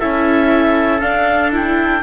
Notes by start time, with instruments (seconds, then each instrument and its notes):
0.00 double bass C#4, viola E4, trumpet A4, clarinet E5
1.00 viola D4, double bass D4, clarinet F5
1.53 viola E4, clarinet G5